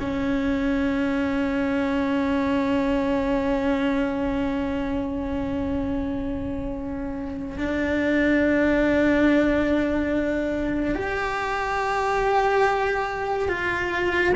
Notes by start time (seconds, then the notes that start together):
0.00 C#4
7.58 D4
10.96 G4
13.49 F4